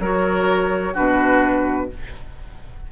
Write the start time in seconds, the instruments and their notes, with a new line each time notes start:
0.00 bassoon F#3, clarinet F#4, oboe A#4, flute C#5
0.94 bassoon B2, clarinet D4, oboe F#4, flute B4